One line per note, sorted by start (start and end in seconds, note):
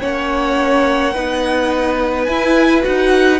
0.00 1.15 A#3
0.00 1.14 C#4
0.00 1.13 C#5
0.00 2.24 F#5
1.13 2.27 B3
1.13 2.27 D#4
1.13 3.39 B4
2.24 2.84 E4
2.24 2.81 E4
2.24 2.80 G#5
2.81 3.40 D#4
2.81 3.38 F#4
2.81 3.40 F#5